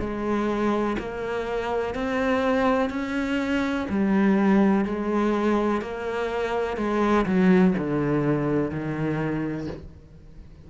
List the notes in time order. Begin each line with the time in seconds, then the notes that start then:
0.00 G#3
0.99 A#3
1.94 C4
2.90 C#4
3.89 G3
4.85 G#3
5.81 A#3
6.77 G#3
7.26 F#3
7.77 D3
8.71 D#3